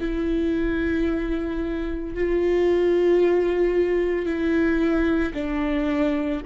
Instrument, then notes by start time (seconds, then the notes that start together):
viola
0.00 E4
2.14 F4
4.26 E4
5.34 D4